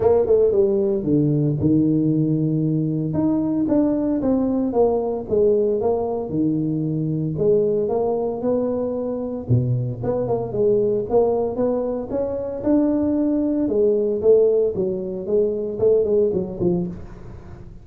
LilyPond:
\new Staff \with { instrumentName = "tuba" } { \time 4/4 \tempo 4 = 114 ais8 a8 g4 d4 dis4~ | dis2 dis'4 d'4 | c'4 ais4 gis4 ais4 | dis2 gis4 ais4 |
b2 b,4 b8 ais8 | gis4 ais4 b4 cis'4 | d'2 gis4 a4 | fis4 gis4 a8 gis8 fis8 f8 | }